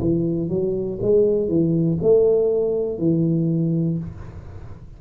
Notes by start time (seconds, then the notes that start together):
0.00 E3
0.49 F#3
1.02 G#3
1.48 E3
2.02 A3
2.98 E3